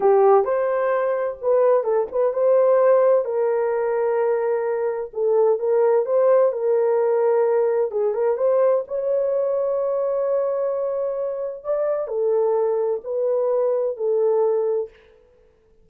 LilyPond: \new Staff \with { instrumentName = "horn" } { \time 4/4 \tempo 4 = 129 g'4 c''2 b'4 | a'8 b'8 c''2 ais'4~ | ais'2. a'4 | ais'4 c''4 ais'2~ |
ais'4 gis'8 ais'8 c''4 cis''4~ | cis''1~ | cis''4 d''4 a'2 | b'2 a'2 | }